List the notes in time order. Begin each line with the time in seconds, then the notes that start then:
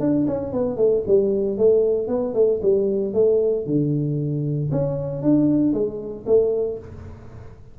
0.00 D4
0.27 C#4
0.52 B3
0.77 A3
1.07 G3
1.58 A3
2.08 B3
2.34 A3
2.62 G3
3.14 A3
3.66 D3
4.72 C#4
5.22 D4
5.73 G#3
6.26 A3